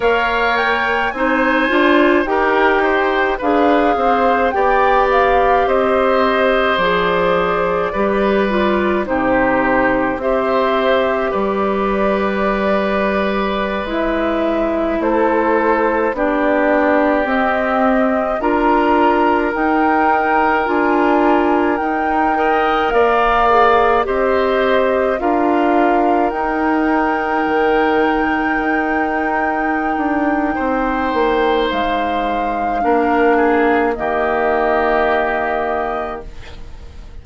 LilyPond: <<
  \new Staff \with { instrumentName = "flute" } { \time 4/4 \tempo 4 = 53 f''8 g''8 gis''4 g''4 f''4 | g''8 f''8 dis''4 d''2 | c''4 e''4 d''2~ | d''16 e''4 c''4 d''4 dis''8.~ |
dis''16 ais''4 g''4 gis''4 g''8.~ | g''16 f''4 dis''4 f''4 g''8.~ | g''1 | f''2 dis''2 | }
  \new Staff \with { instrumentName = "oboe" } { \time 4/4 cis''4 c''4 ais'8 c''8 b'8 c''8 | d''4 c''2 b'4 | g'4 c''4 b'2~ | b'4~ b'16 a'4 g'4.~ g'16~ |
g'16 ais'2.~ ais'8 dis''16~ | dis''16 d''4 c''4 ais'4.~ ais'16~ | ais'2. c''4~ | c''4 ais'8 gis'8 g'2 | }
  \new Staff \with { instrumentName = "clarinet" } { \time 4/4 ais'4 dis'8 f'8 g'4 gis'4 | g'2 gis'4 g'8 f'8 | dis'4 g'2.~ | g'16 e'2 d'4 c'8.~ |
c'16 f'4 dis'4 f'4 dis'8 ais'16~ | ais'8. gis'8 g'4 f'4 dis'8.~ | dis'1~ | dis'4 d'4 ais2 | }
  \new Staff \with { instrumentName = "bassoon" } { \time 4/4 ais4 c'8 d'8 dis'4 d'8 c'8 | b4 c'4 f4 g4 | c4 c'4 g2~ | g16 gis4 a4 b4 c'8.~ |
c'16 d'4 dis'4 d'4 dis'8.~ | dis'16 ais4 c'4 d'4 dis'8.~ | dis'16 dis4 dis'4~ dis'16 d'8 c'8 ais8 | gis4 ais4 dis2 | }
>>